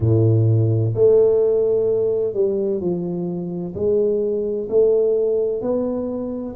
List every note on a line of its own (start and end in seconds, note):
0.00 0.93 A2
0.94 2.33 A3
2.33 2.80 G3
2.80 3.74 F3
3.75 4.68 G#3
4.69 5.61 A3
5.61 6.55 B3